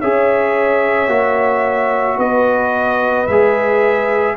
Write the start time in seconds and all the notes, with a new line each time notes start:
0.00 C#4 G#4 C#5 E5
1.08 A#3 F#4
2.17 B3 B4 D#5
3.27 G#3 G#4 E5